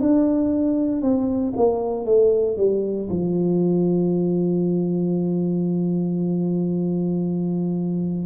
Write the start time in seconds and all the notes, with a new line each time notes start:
0.00 D4
1.01 C4
1.56 A#3
2.05 A3
2.57 G3
3.09 F3